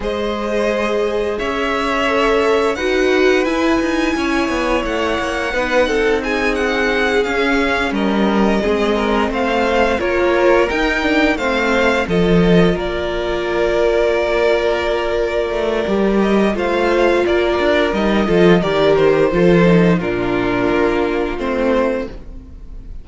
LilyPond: <<
  \new Staff \with { instrumentName = "violin" } { \time 4/4 \tempo 4 = 87 dis''2 e''2 | fis''4 gis''2 fis''4~ | fis''4 gis''8 fis''4 f''4 dis''8~ | dis''4. f''4 cis''4 g''8~ |
g''8 f''4 dis''4 d''4.~ | d''2.~ d''8 dis''8 | f''4 d''4 dis''4 d''8 c''8~ | c''4 ais'2 c''4 | }
  \new Staff \with { instrumentName = "violin" } { \time 4/4 c''2 cis''2 | b'2 cis''2 | b'8 a'8 gis'2~ gis'8 ais'8~ | ais'8 gis'8 ais'8 c''4 ais'4.~ |
ais'8 c''4 a'4 ais'4.~ | ais'1 | c''4 ais'4. a'8 ais'4 | a'4 f'2. | }
  \new Staff \with { instrumentName = "viola" } { \time 4/4 gis'2. a'4 | fis'4 e'2. | dis'2~ dis'8 cis'4.~ | cis'8 c'2 f'4 dis'8 |
d'8 c'4 f'2~ f'8~ | f'2. g'4 | f'2 dis'8 f'8 g'4 | f'8 dis'8 d'2 c'4 | }
  \new Staff \with { instrumentName = "cello" } { \time 4/4 gis2 cis'2 | dis'4 e'8 dis'8 cis'8 b8 a8 ais8 | b8 c'2 cis'4 g8~ | g8 gis4 a4 ais4 dis'8~ |
dis'8 a4 f4 ais4.~ | ais2~ ais8 a8 g4 | a4 ais8 d'8 g8 f8 dis4 | f4 ais,4 ais4 a4 | }
>>